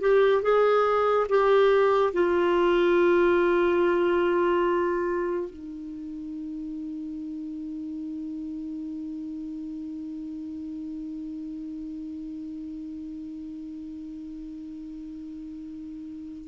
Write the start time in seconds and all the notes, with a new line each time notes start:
0.00 G4
0.42 G#4
1.29 G4
2.13 F4
5.50 D#4